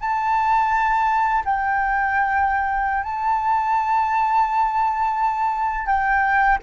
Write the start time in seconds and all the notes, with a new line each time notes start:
0.00 A5
1.45 G5
3.03 A5
5.86 G5